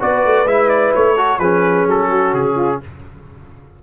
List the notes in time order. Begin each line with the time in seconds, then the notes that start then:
0.00 B3 F#4 B4 D5
0.25 A3
0.45 G#3 E4 E5
0.69 D5
0.94 A3 C#5
1.16 F#4 A4
1.39 F3 C#4 G#4 B4
1.87 F#3 A4
2.10 F#4
2.33 C#3 G#4
2.56 F4